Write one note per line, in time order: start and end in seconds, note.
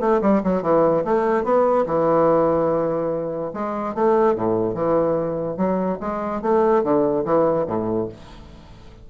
0.00 0.21 A3
0.21 0.42 G3
0.43 0.62 F#3
0.62 1.04 E3
1.05 1.44 A3
1.44 1.85 B3
1.86 3.52 E3
3.53 3.94 G#3
3.94 4.35 A3
4.35 4.74 A2
4.74 5.57 E3
5.57 5.98 F#3
6.00 6.42 G#3
6.42 6.83 A3
6.83 7.25 D3
7.25 7.66 E3
7.67 8.08 A2